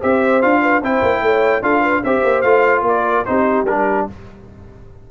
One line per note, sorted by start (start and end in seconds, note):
0.00 0.44 C4
0.00 0.42 G4
0.00 0.61 C5
0.00 0.42 E5
0.42 0.82 D4
0.42 0.83 F4
0.42 0.83 F5
0.62 0.82 B4
0.82 1.02 C4
0.82 1.63 E4
0.82 1.22 C5
0.82 1.63 G5
1.02 1.21 A#3
1.21 1.62 A3
1.21 1.62 C#5
1.62 2.03 D4
1.62 2.03 F4
1.62 1.81 A4
1.62 2.04 F5
1.81 2.01 B4
2.03 2.24 C4
2.03 2.45 G4
2.03 2.84 C5
2.03 2.42 E5
2.24 2.43 A#3
2.42 2.82 A3
2.42 3.26 F4
2.42 2.82 F5
2.82 3.23 A#3
2.82 3.28 A#4
2.82 3.25 D5
3.25 3.64 C4
3.25 3.67 D#4
3.25 4.11 G4
3.25 3.66 C5
3.64 4.04 G3
3.64 4.10 D4
3.64 4.07 A#4